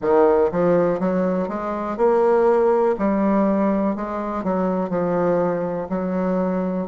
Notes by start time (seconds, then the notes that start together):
0.01 D#3
0.51 F3
0.99 F#3
1.48 G#3
1.97 A#3
2.98 G3
3.95 G#3
4.43 F#3
4.89 F3
5.89 F#3